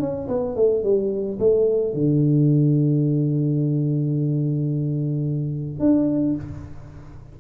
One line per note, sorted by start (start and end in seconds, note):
0.00 0.28 C#4
0.28 0.56 B3
0.56 0.83 A3
0.83 1.39 G3
1.39 1.94 A3
1.94 5.80 D3
5.80 6.36 D4